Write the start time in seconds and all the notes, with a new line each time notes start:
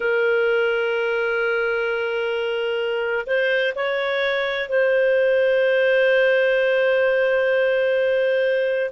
0.00 A#4
3.26 C5
3.75 C#5
4.69 C5